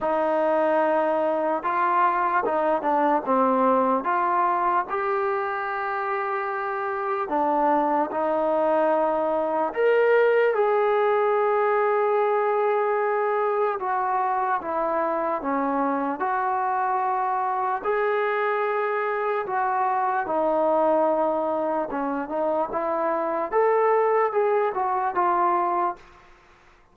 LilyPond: \new Staff \with { instrumentName = "trombone" } { \time 4/4 \tempo 4 = 74 dis'2 f'4 dis'8 d'8 | c'4 f'4 g'2~ | g'4 d'4 dis'2 | ais'4 gis'2.~ |
gis'4 fis'4 e'4 cis'4 | fis'2 gis'2 | fis'4 dis'2 cis'8 dis'8 | e'4 a'4 gis'8 fis'8 f'4 | }